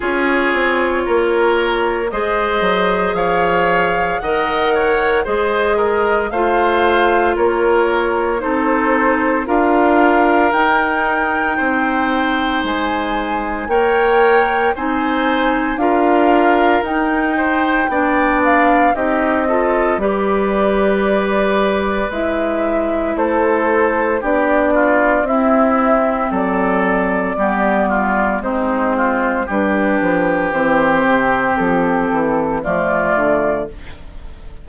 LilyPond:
<<
  \new Staff \with { instrumentName = "flute" } { \time 4/4 \tempo 4 = 57 cis''2 dis''4 f''4 | fis''4 dis''4 f''4 cis''4 | c''4 f''4 g''2 | gis''4 g''4 gis''4 f''4 |
g''4. f''8 dis''4 d''4~ | d''4 e''4 c''4 d''4 | e''4 d''2 c''4 | b'4 c''4 a'4 d''4 | }
  \new Staff \with { instrumentName = "oboe" } { \time 4/4 gis'4 ais'4 c''4 cis''4 | dis''8 cis''8 c''8 ais'8 c''4 ais'4 | a'4 ais'2 c''4~ | c''4 cis''4 c''4 ais'4~ |
ais'8 c''8 d''4 g'8 a'8 b'4~ | b'2 a'4 g'8 f'8 | e'4 a'4 g'8 f'8 dis'8 f'8 | g'2. f'4 | }
  \new Staff \with { instrumentName = "clarinet" } { \time 4/4 f'2 gis'2 | ais'4 gis'4 f'2 | dis'4 f'4 dis'2~ | dis'4 ais'4 dis'4 f'4 |
dis'4 d'4 dis'8 f'8 g'4~ | g'4 e'2 d'4 | c'2 b4 c'4 | d'4 c'2 a4 | }
  \new Staff \with { instrumentName = "bassoon" } { \time 4/4 cis'8 c'8 ais4 gis8 fis8 f4 | dis4 gis4 a4 ais4 | c'4 d'4 dis'4 c'4 | gis4 ais4 c'4 d'4 |
dis'4 b4 c'4 g4~ | g4 gis4 a4 b4 | c'4 fis4 g4 gis4 | g8 f8 e8 c8 f8 e8 f8 d8 | }
>>